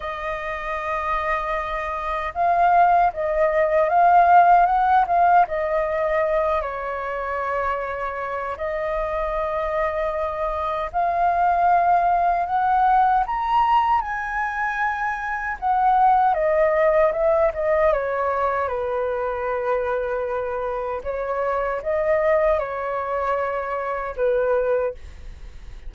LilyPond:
\new Staff \with { instrumentName = "flute" } { \time 4/4 \tempo 4 = 77 dis''2. f''4 | dis''4 f''4 fis''8 f''8 dis''4~ | dis''8 cis''2~ cis''8 dis''4~ | dis''2 f''2 |
fis''4 ais''4 gis''2 | fis''4 dis''4 e''8 dis''8 cis''4 | b'2. cis''4 | dis''4 cis''2 b'4 | }